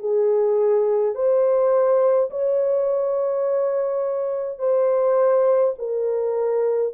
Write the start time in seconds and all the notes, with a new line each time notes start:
0.00 G#4
1.15 C5
2.31 C#5
4.59 C5
5.79 A#4